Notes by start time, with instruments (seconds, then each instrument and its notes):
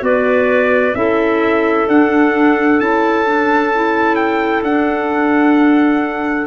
0.00 tuba B3, clarinet F#4 B4, trumpet D5
0.94 tuba C#4, clarinet E4 A4, trumpet E5
1.88 tuba D4, clarinet D4, trumpet F#5
2.80 tuba C#4, clarinet E4, trumpet A5
3.25 clarinet D4
3.75 clarinet E4
4.16 trumpet G5
4.63 tuba D4, clarinet D4, trumpet F#5